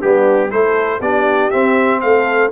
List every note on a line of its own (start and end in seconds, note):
0.00 0.52 G3
0.00 0.50 B3
0.00 0.50 D4
0.00 0.50 G4
0.50 1.00 A3
0.50 1.00 E4
0.50 0.99 A4
0.50 1.00 C5
0.99 1.50 B3
0.99 1.52 D4
0.99 1.99 G4
0.99 1.50 D5
1.50 2.51 C4
1.50 2.03 C4
1.50 2.00 E5
2.01 2.51 A3
2.01 2.51 A4
2.01 2.51 F5